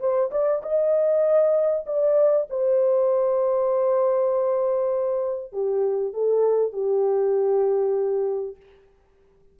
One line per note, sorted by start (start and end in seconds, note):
0.00 0.31 C5
0.31 0.62 D5
0.63 1.85 D#5
1.86 2.47 D5
2.50 5.53 C5
5.53 6.14 G4
6.14 6.73 A4
6.73 8.56 G4